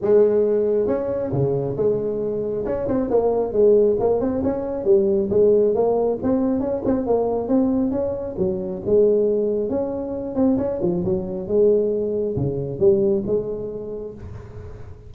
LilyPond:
\new Staff \with { instrumentName = "tuba" } { \time 4/4 \tempo 4 = 136 gis2 cis'4 cis4 | gis2 cis'8 c'8 ais4 | gis4 ais8 c'8 cis'4 g4 | gis4 ais4 c'4 cis'8 c'8 |
ais4 c'4 cis'4 fis4 | gis2 cis'4. c'8 | cis'8 f8 fis4 gis2 | cis4 g4 gis2 | }